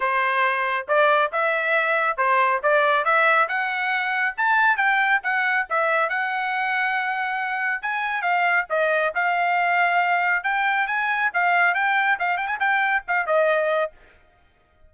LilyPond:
\new Staff \with { instrumentName = "trumpet" } { \time 4/4 \tempo 4 = 138 c''2 d''4 e''4~ | e''4 c''4 d''4 e''4 | fis''2 a''4 g''4 | fis''4 e''4 fis''2~ |
fis''2 gis''4 f''4 | dis''4 f''2. | g''4 gis''4 f''4 g''4 | f''8 g''16 gis''16 g''4 f''8 dis''4. | }